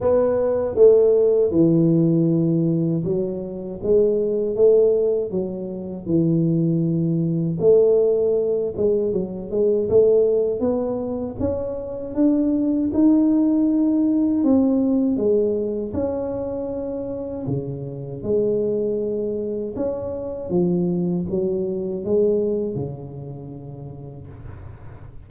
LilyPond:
\new Staff \with { instrumentName = "tuba" } { \time 4/4 \tempo 4 = 79 b4 a4 e2 | fis4 gis4 a4 fis4 | e2 a4. gis8 | fis8 gis8 a4 b4 cis'4 |
d'4 dis'2 c'4 | gis4 cis'2 cis4 | gis2 cis'4 f4 | fis4 gis4 cis2 | }